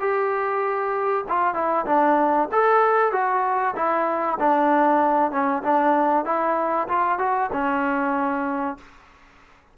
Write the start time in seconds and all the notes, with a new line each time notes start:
0.00 G4
1.29 F4
1.55 E4
1.86 D4
2.52 A4
3.13 F#4
3.76 E4
4.40 D4
5.32 C#4
5.63 D4
6.26 E4
6.88 F4
7.19 F#4
7.53 C#4